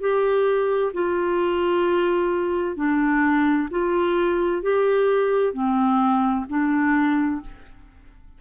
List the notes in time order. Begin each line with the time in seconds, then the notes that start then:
0.00 G4
0.94 F4
2.76 D4
3.70 F4
4.62 G4
5.53 C4
6.49 D4